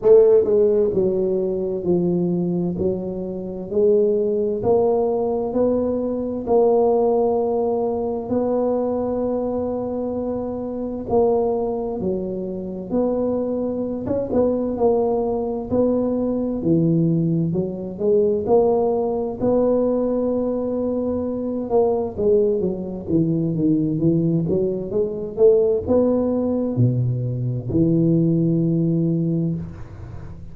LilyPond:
\new Staff \with { instrumentName = "tuba" } { \time 4/4 \tempo 4 = 65 a8 gis8 fis4 f4 fis4 | gis4 ais4 b4 ais4~ | ais4 b2. | ais4 fis4 b4~ b16 cis'16 b8 |
ais4 b4 e4 fis8 gis8 | ais4 b2~ b8 ais8 | gis8 fis8 e8 dis8 e8 fis8 gis8 a8 | b4 b,4 e2 | }